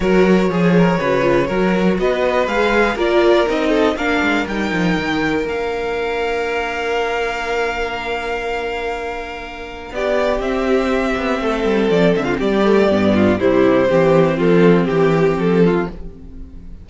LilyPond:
<<
  \new Staff \with { instrumentName = "violin" } { \time 4/4 \tempo 4 = 121 cis''1 | dis''4 f''4 d''4 dis''4 | f''4 g''2 f''4~ | f''1~ |
f''1 | d''4 e''2. | d''8 e''16 f''16 d''2 c''4~ | c''4 a'4 g'4 a'4 | }
  \new Staff \with { instrumentName = "violin" } { \time 4/4 ais'4 gis'8 ais'8 b'4 ais'4 | b'2 ais'4. a'8 | ais'1~ | ais'1~ |
ais'1 | g'2. a'4~ | a'8. f'16 g'4. f'8 e'4 | g'4 f'4 g'4. f'8 | }
  \new Staff \with { instrumentName = "viola" } { \time 4/4 fis'4 gis'4 fis'8 f'8 fis'4~ | fis'4 gis'4 f'4 dis'4 | d'4 dis'2 d'4~ | d'1~ |
d'1~ | d'4 c'2.~ | c'4. a8 b4 g4 | c'1 | }
  \new Staff \with { instrumentName = "cello" } { \time 4/4 fis4 f4 cis4 fis4 | b4 gis4 ais4 c'4 | ais8 gis8 g8 f8 dis4 ais4~ | ais1~ |
ais1 | b4 c'4. b8 a8 g8 | f8 d8 g4 g,4 c4 | e4 f4 e4 f4 | }
>>